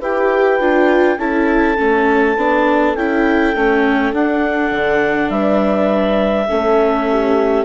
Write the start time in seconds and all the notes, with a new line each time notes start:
0.00 E4 G4 B4 G5
0.60 D4 F4
1.17 C#4 E4 A4 A5
1.77 A3 C#4
2.36 B3 D4
2.95 C#4 E4 G5
3.54 A3 C#4
4.12 D4 F#5
4.71 D3
5.29 G3 B4 E5
6.47 A3 C#4 A4
7.10 G4